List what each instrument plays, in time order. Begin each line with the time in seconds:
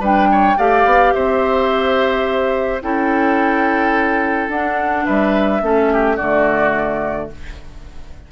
0.00 bassoon G3, clarinet D4, oboe B4, flute G5
0.32 oboe C#5
0.58 bassoon A3, clarinet G4, oboe D5, flute F5
0.85 bassoon B3
1.14 bassoon C4, oboe C5, flute E5
2.82 bassoon C#4, clarinet E4, oboe A4, flute G5
4.49 bassoon D4, clarinet D4, flute F#5
5.06 bassoon G3, oboe B4, flute E5
5.62 bassoon A3, clarinet C#4, oboe A4
5.93 oboe G4
6.16 bassoon D3, clarinet A3, oboe F#4, flute D5